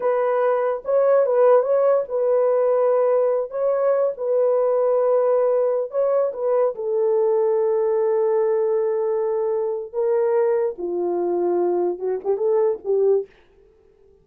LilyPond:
\new Staff \with { instrumentName = "horn" } { \time 4/4 \tempo 4 = 145 b'2 cis''4 b'4 | cis''4 b'2.~ | b'8 cis''4. b'2~ | b'2~ b'16 cis''4 b'8.~ |
b'16 a'2.~ a'8.~ | a'1 | ais'2 f'2~ | f'4 fis'8 g'8 a'4 g'4 | }